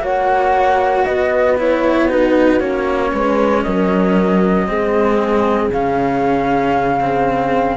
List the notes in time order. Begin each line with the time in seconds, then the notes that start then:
0.00 A#3 F#4 C#5 F#5
1.05 B3 B4 D#5
1.58 E4 C#5
2.08 D#4 F#4 B4
2.60 A#3 C#4 C#5
3.12 G#3 B4
3.62 F#3 A#4 D#5
4.67 G#3 C4 G#4
5.70 C#3 C#4 F5
7.01 C4